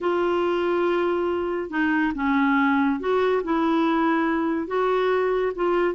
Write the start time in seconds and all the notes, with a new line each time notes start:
0.00 F4
1.70 D#4
2.15 C#4
2.99 F#4
3.43 E4
4.67 F#4
5.55 F4